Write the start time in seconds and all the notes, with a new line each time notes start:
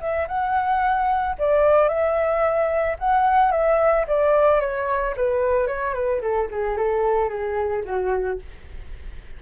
0.00 E5
0.28 F#5
1.39 D5
1.88 E5
2.99 F#5
3.51 E5
4.07 D5
4.60 C#5
5.16 B4
5.67 C#5
5.94 B4
6.21 A4
6.51 G#4
6.77 A4
7.29 G#4
7.85 F#4